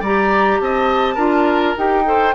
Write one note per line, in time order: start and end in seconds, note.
0.00 0.59 G3
0.00 1.17 G4
0.00 0.58 D5
0.00 0.59 A#5
0.59 1.16 C4
0.59 1.14 D#5
0.59 1.76 A5
1.14 1.74 D4
1.14 1.75 F4
1.14 2.02 A#4
1.76 2.34 D#4
1.76 2.04 G4
1.76 2.34 G5
2.04 2.33 A4
2.04 2.34 C5